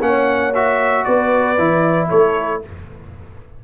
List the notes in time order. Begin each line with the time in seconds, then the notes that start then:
0.00 A#3 C#4 C#5 F#5
0.54 F#4 E5
1.04 B3 B4 D5
1.57 E3 E4
2.08 A3 A4 C#5